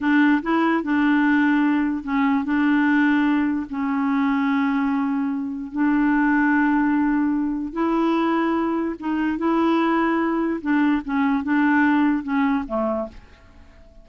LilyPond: \new Staff \with { instrumentName = "clarinet" } { \time 4/4 \tempo 4 = 147 d'4 e'4 d'2~ | d'4 cis'4 d'2~ | d'4 cis'2.~ | cis'2 d'2~ |
d'2. e'4~ | e'2 dis'4 e'4~ | e'2 d'4 cis'4 | d'2 cis'4 a4 | }